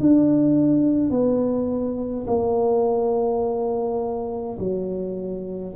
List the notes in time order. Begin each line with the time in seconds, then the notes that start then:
0.00 D4
1.10 B3
2.27 A#3
4.59 F#3